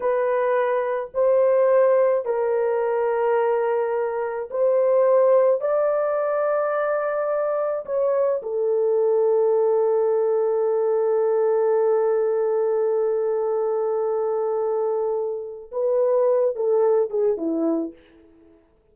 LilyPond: \new Staff \with { instrumentName = "horn" } { \time 4/4 \tempo 4 = 107 b'2 c''2 | ais'1 | c''2 d''2~ | d''2 cis''4 a'4~ |
a'1~ | a'1~ | a'1 | b'4. a'4 gis'8 e'4 | }